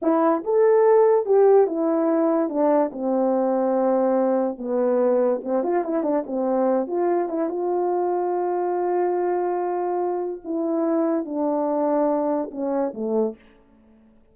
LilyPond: \new Staff \with { instrumentName = "horn" } { \time 4/4 \tempo 4 = 144 e'4 a'2 g'4 | e'2 d'4 c'4~ | c'2. b4~ | b4 c'8 f'8 e'8 d'8 c'4~ |
c'8 f'4 e'8 f'2~ | f'1~ | f'4 e'2 d'4~ | d'2 cis'4 a4 | }